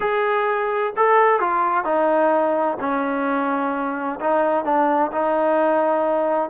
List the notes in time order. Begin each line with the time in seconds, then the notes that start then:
0.00 G#4
0.96 A4
1.40 F4
1.84 D#4
2.79 C#4
4.20 D#4
4.64 D4
5.11 D#4